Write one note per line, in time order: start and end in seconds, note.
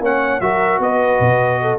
0.00 0.40 A#3
0.00 0.41 C#4
0.00 0.42 C#5
0.00 0.41 F#5
0.41 0.79 F#3
0.41 1.79 F#4
0.41 0.82 A#4
0.41 0.81 E5
0.79 1.19 B3
0.79 1.62 B4
0.79 1.79 D#5
1.20 1.79 B2
1.62 1.79 A4